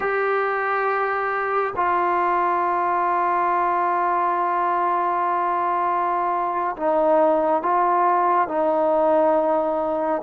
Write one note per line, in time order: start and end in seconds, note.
0.00 1.74 G4
1.76 6.76 F4
6.76 7.62 D#4
7.62 8.48 F4
8.48 10.22 D#4